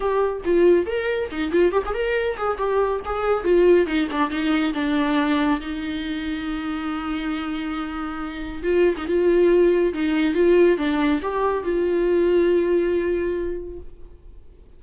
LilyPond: \new Staff \with { instrumentName = "viola" } { \time 4/4 \tempo 4 = 139 g'4 f'4 ais'4 dis'8 f'8 | g'16 gis'16 ais'4 gis'8 g'4 gis'4 | f'4 dis'8 d'8 dis'4 d'4~ | d'4 dis'2.~ |
dis'1 | f'8. dis'16 f'2 dis'4 | f'4 d'4 g'4 f'4~ | f'1 | }